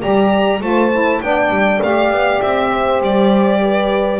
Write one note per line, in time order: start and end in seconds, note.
0.00 0.61 G3
0.00 0.60 G4
0.00 0.62 D5
0.00 0.62 A#5
0.61 1.21 A3
0.61 0.91 F4
0.61 1.22 C5
0.61 1.22 A5
0.92 1.22 E4
1.22 1.50 B3
1.22 1.82 D4
1.22 2.71 D5
1.22 1.82 G5
1.50 1.80 G3
1.83 2.11 A3
1.83 4.20 G4
1.83 2.42 F5
2.11 2.41 B3
2.42 3.02 C4
2.42 3.02 E5
2.71 3.61 C5
3.02 4.20 G3
3.02 4.20 D5
3.62 4.20 B4